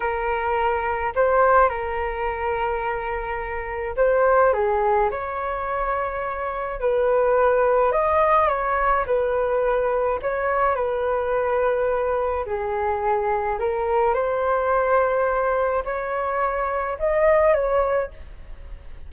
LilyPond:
\new Staff \with { instrumentName = "flute" } { \time 4/4 \tempo 4 = 106 ais'2 c''4 ais'4~ | ais'2. c''4 | gis'4 cis''2. | b'2 dis''4 cis''4 |
b'2 cis''4 b'4~ | b'2 gis'2 | ais'4 c''2. | cis''2 dis''4 cis''4 | }